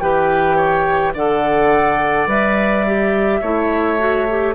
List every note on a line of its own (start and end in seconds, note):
0.00 1.15 E3
0.00 1.14 G4
0.00 0.57 B4
0.00 1.13 G5
0.57 1.13 C#5
1.14 2.27 D3
1.14 2.28 A4
1.14 3.41 D5
1.14 2.29 F#5
2.27 3.40 G3
2.27 2.85 B4
2.27 4.55 E5
2.87 3.43 G4
3.41 4.55 A3
3.41 3.99 E4
3.41 4.54 C#5
3.99 4.27 F#4
4.30 4.55 G4